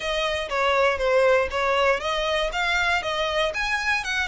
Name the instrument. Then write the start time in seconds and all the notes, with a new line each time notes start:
violin
0.00 D#5
0.49 C#5
0.98 C5
1.50 C#5
2.00 D#5
2.52 F5
3.02 D#5
3.53 G#5
4.04 F#5